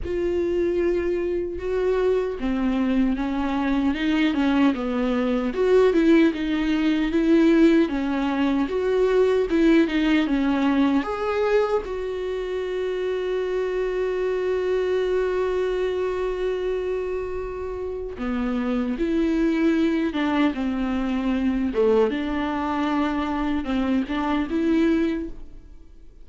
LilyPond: \new Staff \with { instrumentName = "viola" } { \time 4/4 \tempo 4 = 76 f'2 fis'4 c'4 | cis'4 dis'8 cis'8 b4 fis'8 e'8 | dis'4 e'4 cis'4 fis'4 | e'8 dis'8 cis'4 gis'4 fis'4~ |
fis'1~ | fis'2. b4 | e'4. d'8 c'4. a8 | d'2 c'8 d'8 e'4 | }